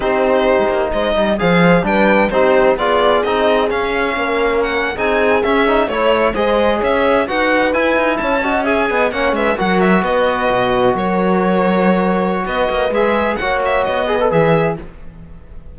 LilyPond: <<
  \new Staff \with { instrumentName = "violin" } { \time 4/4 \tempo 4 = 130 c''2 dis''4 f''4 | g''4 c''4 d''4 dis''4 | f''2 fis''8. gis''4 e''16~ | e''8. cis''4 dis''4 e''4 fis''16~ |
fis''8. gis''4 a''4 gis''4 fis''16~ | fis''16 e''8 fis''8 e''8 dis''2 cis''16~ | cis''2. dis''4 | e''4 fis''8 e''8 dis''4 e''4 | }
  \new Staff \with { instrumentName = "horn" } { \time 4/4 g'2 c''8 dis''8 c''4 | b'4 g'4 gis'2~ | gis'4 ais'4.~ ais'16 gis'4~ gis'16~ | gis'8. cis''4 c''4 cis''4 b'16~ |
b'4.~ b'16 cis''8 dis''8 e''8 dis''8 cis''16~ | cis''16 b'8 ais'4 b'2 ais'16~ | ais'2. b'4~ | b'4 cis''4. b'4. | }
  \new Staff \with { instrumentName = "trombone" } { \time 4/4 dis'2. gis'4 | d'4 dis'4 f'4 dis'4 | cis'2~ cis'8. dis'4 cis'16~ | cis'16 dis'8 e'4 gis'2 fis'16~ |
fis'8. e'4. fis'8 gis'4 cis'16~ | cis'8. fis'2.~ fis'16~ | fis'1 | gis'4 fis'4. gis'16 a'16 gis'4 | }
  \new Staff \with { instrumentName = "cello" } { \time 4/4 c'4~ c'16 gis16 ais8 gis8 g8 f4 | g4 c'4 b4 c'4 | cis'4 ais4.~ ais16 c'4 cis'16~ | cis'8. a4 gis4 cis'4 dis'16~ |
dis'8. e'8 dis'8 cis'4. b8 ais16~ | ais16 gis8 fis4 b4 b,4 fis16~ | fis2. b8 ais8 | gis4 ais4 b4 e4 | }
>>